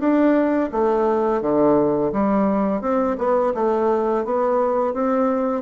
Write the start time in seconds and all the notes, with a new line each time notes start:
0.00 D4
0.73 A3
1.42 D3
2.13 G3
2.82 C4
3.18 B3
3.55 A3
4.25 B3
4.94 C4